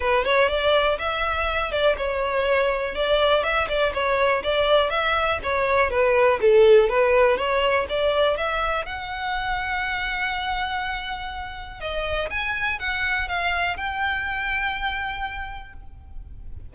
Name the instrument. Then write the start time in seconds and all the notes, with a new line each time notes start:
violin
0.00 B4
0.24 C#5
0.49 D5
0.98 E5
1.71 D5
1.97 C#5
2.95 D5
3.43 E5
3.68 D5
3.93 C#5
4.43 D5
4.90 E5
5.43 C#5
5.90 B4
6.41 A4
6.89 B4
7.37 C#5
7.89 D5
8.37 E5
8.85 F#5
11.80 D#5
12.30 G#5
12.79 F#5
13.28 F5
13.76 G5